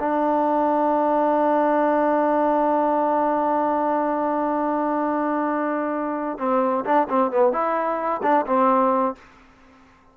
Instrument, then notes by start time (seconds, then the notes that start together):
trombone
0.00 D4
6.39 C4
6.85 D4
7.10 C4
7.32 B3
7.53 E4
8.23 D4
8.47 C4